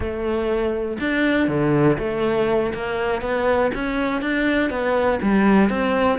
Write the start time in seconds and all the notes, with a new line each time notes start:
0.00 A3
1.00 D4
1.47 D3
1.98 A3
2.73 A#3
3.21 B3
3.74 C#4
4.21 D4
4.69 B3
5.22 G3
5.69 C4